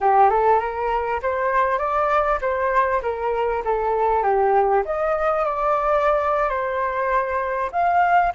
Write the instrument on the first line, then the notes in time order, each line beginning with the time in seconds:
flute
0.01 G4
0.30 A4
0.59 A#4
1.22 C5
1.78 D5
2.41 C5
3.02 A#4
3.64 A4
4.23 G4
4.85 D#5
5.45 D5
6.48 C5
7.72 F5